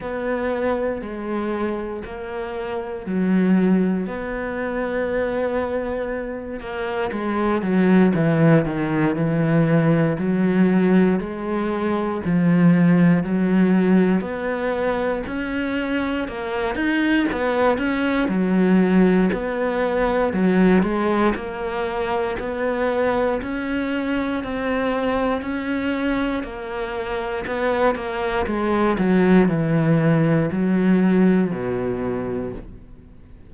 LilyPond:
\new Staff \with { instrumentName = "cello" } { \time 4/4 \tempo 4 = 59 b4 gis4 ais4 fis4 | b2~ b8 ais8 gis8 fis8 | e8 dis8 e4 fis4 gis4 | f4 fis4 b4 cis'4 |
ais8 dis'8 b8 cis'8 fis4 b4 | fis8 gis8 ais4 b4 cis'4 | c'4 cis'4 ais4 b8 ais8 | gis8 fis8 e4 fis4 b,4 | }